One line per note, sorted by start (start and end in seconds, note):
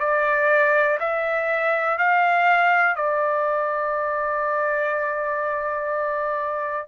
0.00 0.98 D5
1.00 1.99 E5
1.99 2.96 F5
2.96 6.88 D5